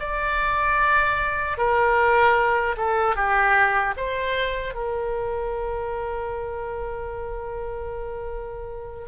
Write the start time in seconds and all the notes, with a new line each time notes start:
0.00 D5
1.58 A#4
2.77 A4
3.16 G4
3.97 C5
4.75 A#4